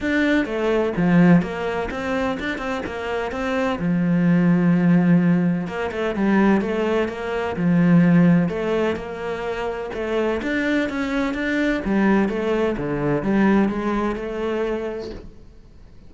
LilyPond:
\new Staff \with { instrumentName = "cello" } { \time 4/4 \tempo 4 = 127 d'4 a4 f4 ais4 | c'4 d'8 c'8 ais4 c'4 | f1 | ais8 a8 g4 a4 ais4 |
f2 a4 ais4~ | ais4 a4 d'4 cis'4 | d'4 g4 a4 d4 | g4 gis4 a2 | }